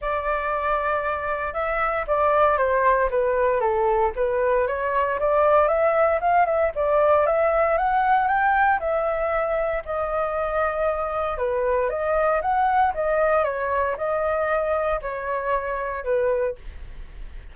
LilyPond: \new Staff \with { instrumentName = "flute" } { \time 4/4 \tempo 4 = 116 d''2. e''4 | d''4 c''4 b'4 a'4 | b'4 cis''4 d''4 e''4 | f''8 e''8 d''4 e''4 fis''4 |
g''4 e''2 dis''4~ | dis''2 b'4 dis''4 | fis''4 dis''4 cis''4 dis''4~ | dis''4 cis''2 b'4 | }